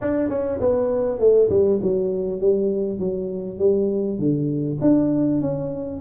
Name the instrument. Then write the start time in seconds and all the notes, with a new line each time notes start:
tuba
0.01 D4
0.29 C#4
0.60 B3
1.19 A3
1.49 G3
1.82 F#3
2.40 G3
2.99 F#3
3.58 G3
4.18 D3
4.81 D4
5.41 C#4